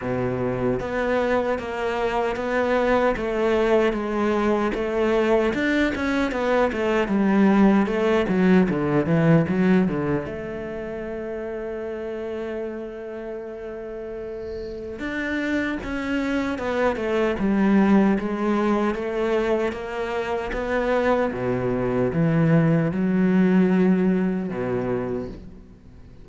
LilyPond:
\new Staff \with { instrumentName = "cello" } { \time 4/4 \tempo 4 = 76 b,4 b4 ais4 b4 | a4 gis4 a4 d'8 cis'8 | b8 a8 g4 a8 fis8 d8 e8 | fis8 d8 a2.~ |
a2. d'4 | cis'4 b8 a8 g4 gis4 | a4 ais4 b4 b,4 | e4 fis2 b,4 | }